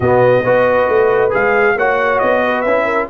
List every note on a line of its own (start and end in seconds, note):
0.00 0.42 B2
0.00 0.44 B3
0.00 0.43 F#4
0.00 1.31 D#5
0.44 0.88 B3
0.44 1.30 F#4
0.44 1.76 B4
0.88 1.32 A3
1.30 1.76 G#3
1.30 1.74 G#4
1.30 1.78 F5
1.76 2.20 A#3
1.76 2.66 F#4
1.76 2.42 C#5
1.76 2.18 F#5
2.18 2.65 B3
2.18 2.61 D#5
2.44 2.84 B4
2.61 3.09 C#4
2.61 3.10 E4
2.61 3.05 E5
2.84 3.07 A#4